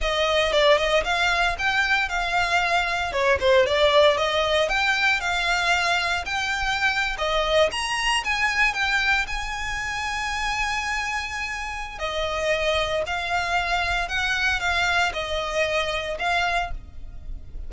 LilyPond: \new Staff \with { instrumentName = "violin" } { \time 4/4 \tempo 4 = 115 dis''4 d''8 dis''8 f''4 g''4 | f''2 cis''8 c''8 d''4 | dis''4 g''4 f''2 | g''4.~ g''16 dis''4 ais''4 gis''16~ |
gis''8. g''4 gis''2~ gis''16~ | gis''2. dis''4~ | dis''4 f''2 fis''4 | f''4 dis''2 f''4 | }